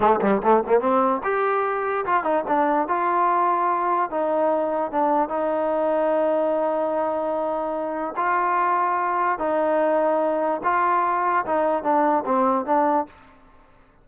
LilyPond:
\new Staff \with { instrumentName = "trombone" } { \time 4/4 \tempo 4 = 147 a8 g8 a8 ais8 c'4 g'4~ | g'4 f'8 dis'8 d'4 f'4~ | f'2 dis'2 | d'4 dis'2.~ |
dis'1 | f'2. dis'4~ | dis'2 f'2 | dis'4 d'4 c'4 d'4 | }